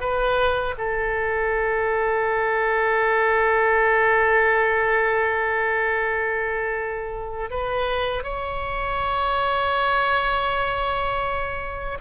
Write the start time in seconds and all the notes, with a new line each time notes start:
0.00 B4
0.78 A4
7.50 B4
8.23 C#5